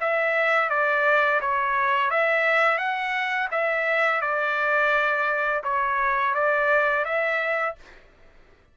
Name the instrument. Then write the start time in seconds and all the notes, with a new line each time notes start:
trumpet
0.00 E5
0.69 D5
1.40 C#5
2.10 E5
2.78 F#5
3.51 E5
4.21 D5
5.63 C#5
6.34 D5
7.05 E5